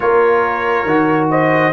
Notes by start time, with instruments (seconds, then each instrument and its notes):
0.00 tuba A#3, trombone F4, horn A#4, trumpet C#5
0.85 tuba D#3, trombone F#4
1.30 horn C5, trumpet D#5